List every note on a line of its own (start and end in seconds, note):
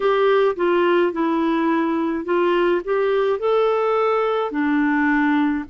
0.00 0.55 G4
0.56 1.12 F4
1.12 2.24 E4
2.24 2.81 F4
2.84 3.39 G4
3.39 4.51 A4
4.51 5.64 D4